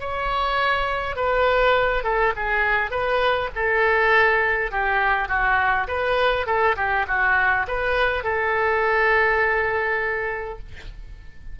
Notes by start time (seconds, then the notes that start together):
0.00 C#5
1.16 B4
2.04 A4
2.36 G#4
2.91 B4
3.55 A4
4.71 G4
5.28 F#4
5.88 B4
6.47 A4
6.76 G4
7.07 F#4
7.68 B4
8.24 A4